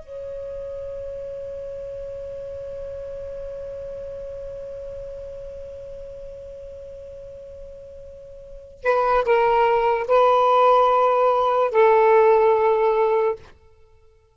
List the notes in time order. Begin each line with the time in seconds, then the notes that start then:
0.00 C#5
8.84 B4
9.25 A#4
10.08 B4
11.72 A4